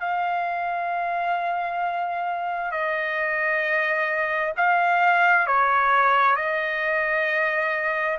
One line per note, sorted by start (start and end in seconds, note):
0.00 2.71 F5
2.71 4.53 D#5
4.57 5.47 F5
5.47 6.36 C#5
6.36 8.18 D#5